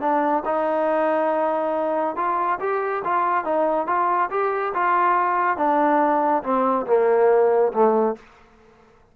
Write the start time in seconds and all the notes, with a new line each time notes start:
0.00 D4
0.45 D#4
2.16 F4
2.60 G4
3.04 F4
3.44 D#4
3.86 F4
4.30 G4
4.74 F4
5.57 D4
6.43 C4
6.86 A#3
7.72 A3